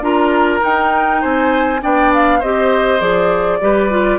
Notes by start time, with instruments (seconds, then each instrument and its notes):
0.00 bassoon D4, clarinet F4, oboe A#4, flute A#5
0.60 clarinet D#4, bassoon D#4, flute G5
1.21 bassoon C4, oboe C5, flute G#5
1.81 bassoon B3, clarinet D4, oboe D5, flute G5
2.13 flute F5
2.39 bassoon C4, clarinet G4, oboe C5, flute D#5
2.99 bassoon F3, clarinet G#4, flute D5
3.60 bassoon G3, clarinet G4, oboe B4
3.90 clarinet F4